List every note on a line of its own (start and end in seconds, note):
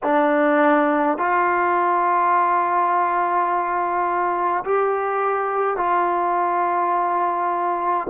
0.03 1.17 D4
1.17 4.64 F4
4.64 5.76 G4
5.76 8.07 F4